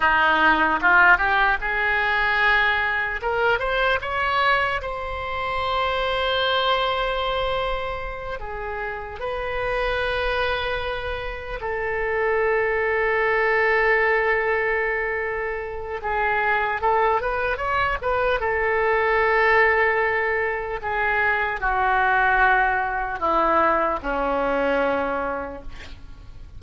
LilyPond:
\new Staff \with { instrumentName = "oboe" } { \time 4/4 \tempo 4 = 75 dis'4 f'8 g'8 gis'2 | ais'8 c''8 cis''4 c''2~ | c''2~ c''8 gis'4 b'8~ | b'2~ b'8 a'4.~ |
a'1 | gis'4 a'8 b'8 cis''8 b'8 a'4~ | a'2 gis'4 fis'4~ | fis'4 e'4 cis'2 | }